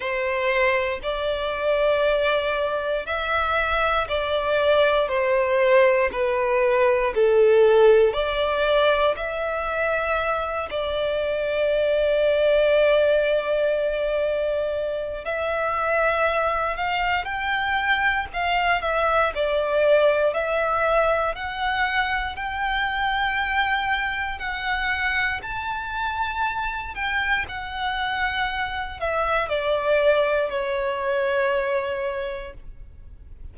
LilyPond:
\new Staff \with { instrumentName = "violin" } { \time 4/4 \tempo 4 = 59 c''4 d''2 e''4 | d''4 c''4 b'4 a'4 | d''4 e''4. d''4.~ | d''2. e''4~ |
e''8 f''8 g''4 f''8 e''8 d''4 | e''4 fis''4 g''2 | fis''4 a''4. g''8 fis''4~ | fis''8 e''8 d''4 cis''2 | }